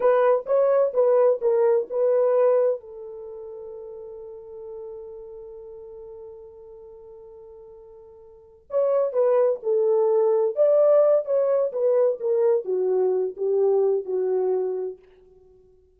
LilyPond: \new Staff \with { instrumentName = "horn" } { \time 4/4 \tempo 4 = 128 b'4 cis''4 b'4 ais'4 | b'2 a'2~ | a'1~ | a'1~ |
a'2~ a'8 cis''4 b'8~ | b'8 a'2 d''4. | cis''4 b'4 ais'4 fis'4~ | fis'8 g'4. fis'2 | }